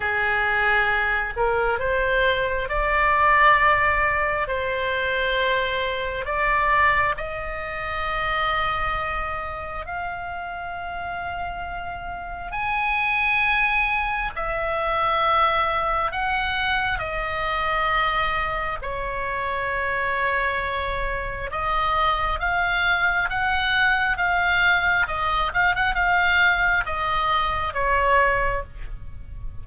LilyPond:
\new Staff \with { instrumentName = "oboe" } { \time 4/4 \tempo 4 = 67 gis'4. ais'8 c''4 d''4~ | d''4 c''2 d''4 | dis''2. f''4~ | f''2 gis''2 |
e''2 fis''4 dis''4~ | dis''4 cis''2. | dis''4 f''4 fis''4 f''4 | dis''8 f''16 fis''16 f''4 dis''4 cis''4 | }